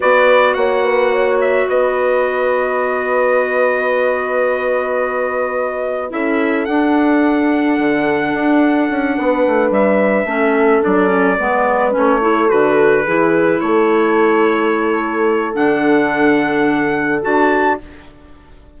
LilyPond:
<<
  \new Staff \with { instrumentName = "trumpet" } { \time 4/4 \tempo 4 = 108 d''4 fis''4. e''8 dis''4~ | dis''1~ | dis''2. e''4 | fis''1~ |
fis''4. e''2 d''8~ | d''4. cis''4 b'4.~ | b'8 cis''2.~ cis''8 | fis''2. a''4 | }
  \new Staff \with { instrumentName = "horn" } { \time 4/4 b'4 cis''8 b'8 cis''4 b'4~ | b'1~ | b'2. a'4~ | a'1~ |
a'8 b'2 a'4.~ | a'8 b'4. a'4. gis'8~ | gis'8 a'2.~ a'8~ | a'1 | }
  \new Staff \with { instrumentName = "clarinet" } { \time 4/4 fis'1~ | fis'1~ | fis'2. e'4 | d'1~ |
d'2~ d'8 cis'4 d'8 | cis'8 b4 cis'8 e'8 fis'4 e'8~ | e'1 | d'2. fis'4 | }
  \new Staff \with { instrumentName = "bassoon" } { \time 4/4 b4 ais2 b4~ | b1~ | b2. cis'4 | d'2 d4 d'4 |
cis'8 b8 a8 g4 a4 fis8~ | fis8 gis4 a4 d4 e8~ | e8 a2.~ a8 | d2. d'4 | }
>>